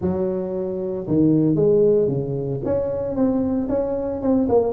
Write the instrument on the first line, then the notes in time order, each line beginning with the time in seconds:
tuba
0.01 F#3
1.07 D#3
1.55 G#3
2.08 C#3
2.64 C#4
3.15 C4
3.68 C#4
4.21 C4
4.48 A#3